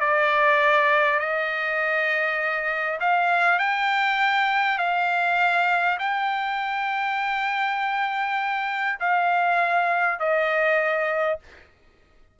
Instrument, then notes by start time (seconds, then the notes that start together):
trumpet
0.00 D5
1.19 D#5
3.00 F5
3.59 G5
4.78 F5
5.99 G5
8.99 F5
10.19 D#5